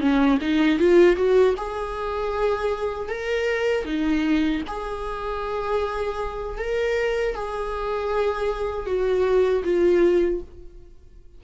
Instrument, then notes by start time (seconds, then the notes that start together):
viola
0.00 C#4
0.41 D#4
0.79 F4
1.16 F#4
1.57 G#4
3.09 A#4
3.85 D#4
4.67 G#4
6.58 A#4
7.35 G#4
8.86 F#4
9.64 F4